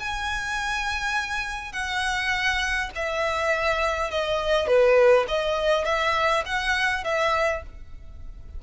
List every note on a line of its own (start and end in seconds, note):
0.00 1.73 G#5
1.73 2.90 F#5
2.95 4.11 E5
4.11 4.67 D#5
4.67 5.26 B4
5.28 5.85 D#5
5.85 6.44 E5
6.46 7.04 F#5
7.04 7.63 E5